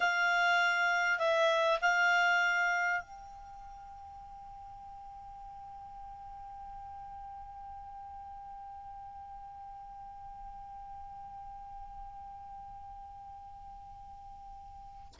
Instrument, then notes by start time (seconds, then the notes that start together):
clarinet
0.00 F5
1.18 E5
1.81 F5
3.01 G5